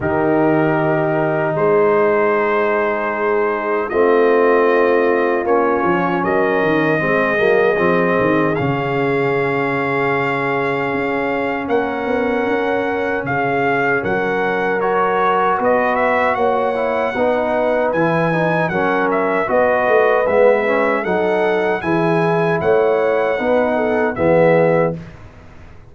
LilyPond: <<
  \new Staff \with { instrumentName = "trumpet" } { \time 4/4 \tempo 4 = 77 ais'2 c''2~ | c''4 dis''2 cis''4 | dis''2. f''4~ | f''2. fis''4~ |
fis''4 f''4 fis''4 cis''4 | dis''8 e''8 fis''2 gis''4 | fis''8 e''8 dis''4 e''4 fis''4 | gis''4 fis''2 e''4 | }
  \new Staff \with { instrumentName = "horn" } { \time 4/4 g'2 gis'2~ | gis'4 f'2. | ais'4 gis'2.~ | gis'2. ais'4~ |
ais'4 gis'4 ais'2 | b'4 cis''4 b'2 | ais'4 b'2 a'4 | gis'4 cis''4 b'8 a'8 gis'4 | }
  \new Staff \with { instrumentName = "trombone" } { \time 4/4 dis'1~ | dis'4 c'2 cis'4~ | cis'4 c'8 ais8 c'4 cis'4~ | cis'1~ |
cis'2. fis'4~ | fis'4. e'8 dis'4 e'8 dis'8 | cis'4 fis'4 b8 cis'8 dis'4 | e'2 dis'4 b4 | }
  \new Staff \with { instrumentName = "tuba" } { \time 4/4 dis2 gis2~ | gis4 a2 ais8 f8 | fis8 dis8 gis8 fis8 f8 dis8 cis4~ | cis2 cis'4 ais8 b8 |
cis'4 cis4 fis2 | b4 ais4 b4 e4 | fis4 b8 a8 gis4 fis4 | e4 a4 b4 e4 | }
>>